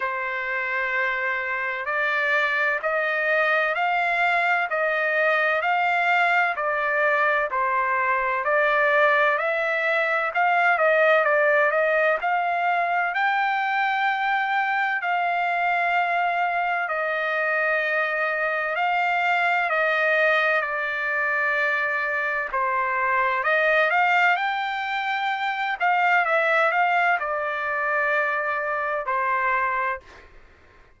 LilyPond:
\new Staff \with { instrumentName = "trumpet" } { \time 4/4 \tempo 4 = 64 c''2 d''4 dis''4 | f''4 dis''4 f''4 d''4 | c''4 d''4 e''4 f''8 dis''8 | d''8 dis''8 f''4 g''2 |
f''2 dis''2 | f''4 dis''4 d''2 | c''4 dis''8 f''8 g''4. f''8 | e''8 f''8 d''2 c''4 | }